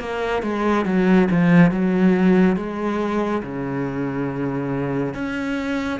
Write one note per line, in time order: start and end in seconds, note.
0.00 0.42 A#3
0.42 0.85 G#3
0.86 1.29 F#3
1.31 1.71 F3
1.71 2.56 F#3
2.56 3.42 G#3
3.43 5.14 C#3
5.14 6.00 C#4